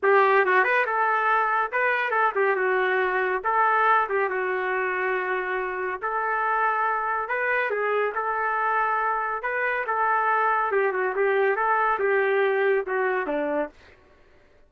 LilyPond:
\new Staff \with { instrumentName = "trumpet" } { \time 4/4 \tempo 4 = 140 g'4 fis'8 b'8 a'2 | b'4 a'8 g'8 fis'2 | a'4. g'8 fis'2~ | fis'2 a'2~ |
a'4 b'4 gis'4 a'4~ | a'2 b'4 a'4~ | a'4 g'8 fis'8 g'4 a'4 | g'2 fis'4 d'4 | }